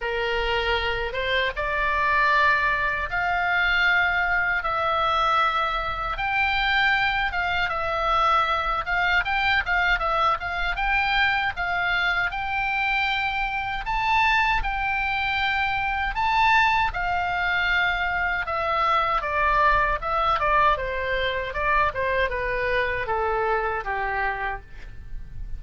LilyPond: \new Staff \with { instrumentName = "oboe" } { \time 4/4 \tempo 4 = 78 ais'4. c''8 d''2 | f''2 e''2 | g''4. f''8 e''4. f''8 | g''8 f''8 e''8 f''8 g''4 f''4 |
g''2 a''4 g''4~ | g''4 a''4 f''2 | e''4 d''4 e''8 d''8 c''4 | d''8 c''8 b'4 a'4 g'4 | }